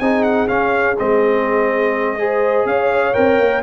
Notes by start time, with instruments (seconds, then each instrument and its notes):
0.00 tuba C4, trombone D#4, horn G#4, trumpet G#5
0.24 trumpet F#5
0.48 trombone C#4, tuba C#4, trumpet F5
0.99 tuba G#3, trombone C4, trumpet D#5
2.19 trombone G#4, horn C5
2.66 tuba C#4, horn C#5, trumpet F5
3.14 tuba C4, trombone A#4, trumpet G5
3.40 tuba A#3